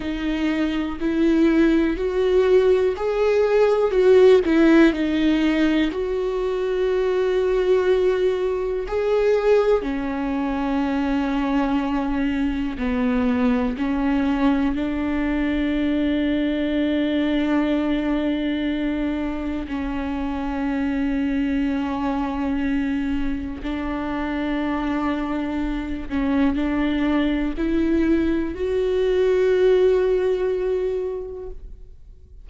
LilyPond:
\new Staff \with { instrumentName = "viola" } { \time 4/4 \tempo 4 = 61 dis'4 e'4 fis'4 gis'4 | fis'8 e'8 dis'4 fis'2~ | fis'4 gis'4 cis'2~ | cis'4 b4 cis'4 d'4~ |
d'1 | cis'1 | d'2~ d'8 cis'8 d'4 | e'4 fis'2. | }